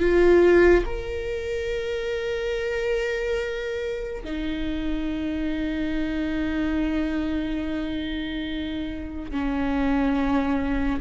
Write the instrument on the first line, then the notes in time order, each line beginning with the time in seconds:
viola
0.00 F4
0.86 A#4
4.24 D#4
9.31 C#4